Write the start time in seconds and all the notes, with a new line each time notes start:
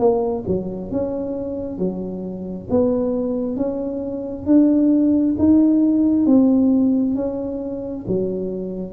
0.00 A#3
0.48 F#3
0.92 C#4
1.79 F#3
2.71 B3
3.57 C#4
4.47 D4
5.39 D#4
6.26 C4
7.16 C#4
8.08 F#3